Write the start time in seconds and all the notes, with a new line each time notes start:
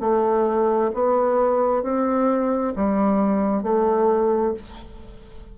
0.00 A3
0.94 B3
1.83 C4
2.76 G3
3.62 A3